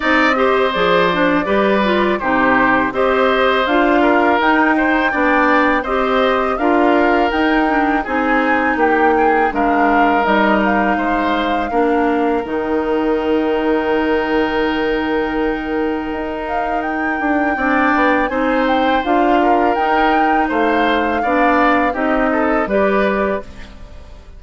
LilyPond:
<<
  \new Staff \with { instrumentName = "flute" } { \time 4/4 \tempo 4 = 82 dis''4 d''2 c''4 | dis''4 f''4 g''2 | dis''4 f''4 g''4 gis''4 | g''4 f''4 dis''8 f''4.~ |
f''4 g''2.~ | g''2~ g''8 f''8 g''4~ | g''4 gis''8 g''8 f''4 g''4 | f''2 dis''4 d''4 | }
  \new Staff \with { instrumentName = "oboe" } { \time 4/4 d''8 c''4. b'4 g'4 | c''4. ais'4 c''8 d''4 | c''4 ais'2 gis'4 | g'8 gis'8 ais'2 c''4 |
ais'1~ | ais'1 | d''4 c''4. ais'4. | c''4 d''4 g'8 a'8 b'4 | }
  \new Staff \with { instrumentName = "clarinet" } { \time 4/4 dis'8 g'8 gis'8 d'8 g'8 f'8 dis'4 | g'4 f'4 dis'4 d'4 | g'4 f'4 dis'8 d'8 dis'4~ | dis'4 d'4 dis'2 |
d'4 dis'2.~ | dis'1 | d'4 dis'4 f'4 dis'4~ | dis'4 d'4 dis'4 g'4 | }
  \new Staff \with { instrumentName = "bassoon" } { \time 4/4 c'4 f4 g4 c4 | c'4 d'4 dis'4 b4 | c'4 d'4 dis'4 c'4 | ais4 gis4 g4 gis4 |
ais4 dis2.~ | dis2 dis'4. d'8 | c'8 b8 c'4 d'4 dis'4 | a4 b4 c'4 g4 | }
>>